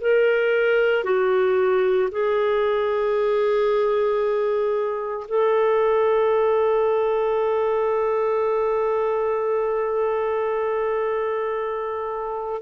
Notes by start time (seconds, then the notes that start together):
0.00 A#4
1.04 F#4
2.11 G#4
5.28 A4